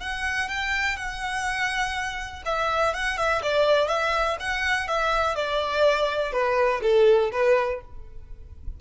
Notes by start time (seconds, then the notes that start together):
0.00 F#5
0.48 G5
0.96 F#5
2.45 E5
2.94 F#5
3.17 E5
3.42 D5
3.88 E5
4.39 F#5
4.88 E5
5.35 D5
6.32 B4
6.82 A4
7.31 B4